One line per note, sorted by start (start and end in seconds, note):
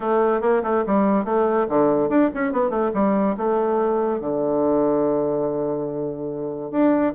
0.00 0.41 A3
0.41 0.62 A#3
0.63 0.84 A3
0.86 1.25 G3
1.25 1.66 A3
1.68 2.09 D3
2.09 2.30 D4
2.34 2.52 C#4
2.52 2.70 B3
2.70 2.90 A3
2.94 3.36 G3
3.37 4.20 A3
4.20 6.71 D3
6.71 7.13 D4